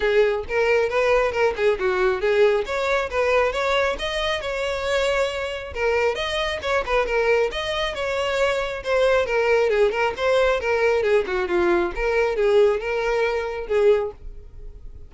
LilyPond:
\new Staff \with { instrumentName = "violin" } { \time 4/4 \tempo 4 = 136 gis'4 ais'4 b'4 ais'8 gis'8 | fis'4 gis'4 cis''4 b'4 | cis''4 dis''4 cis''2~ | cis''4 ais'4 dis''4 cis''8 b'8 |
ais'4 dis''4 cis''2 | c''4 ais'4 gis'8 ais'8 c''4 | ais'4 gis'8 fis'8 f'4 ais'4 | gis'4 ais'2 gis'4 | }